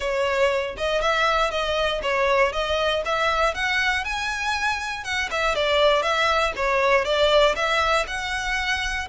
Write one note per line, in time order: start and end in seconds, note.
0.00 0.76 C#5
0.77 1.01 D#5
1.01 1.50 E5
1.50 2.01 D#5
2.02 2.52 C#5
2.52 3.02 D#5
3.05 3.54 E5
3.54 4.04 F#5
4.04 5.04 G#5
5.04 5.29 F#5
5.31 5.55 E5
5.55 6.02 D5
6.02 6.52 E5
6.56 7.04 C#5
7.04 7.55 D5
7.55 8.05 E5
8.07 9.08 F#5